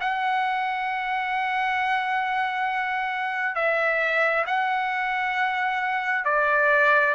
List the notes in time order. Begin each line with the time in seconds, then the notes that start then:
0.00 F#5
3.55 E5
4.46 F#5
6.24 D5